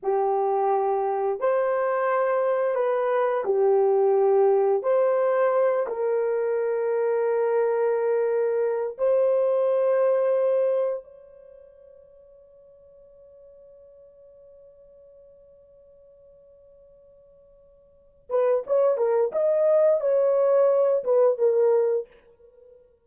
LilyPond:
\new Staff \with { instrumentName = "horn" } { \time 4/4 \tempo 4 = 87 g'2 c''2 | b'4 g'2 c''4~ | c''8 ais'2.~ ais'8~ | ais'4 c''2. |
cis''1~ | cis''1~ | cis''2~ cis''8 b'8 cis''8 ais'8 | dis''4 cis''4. b'8 ais'4 | }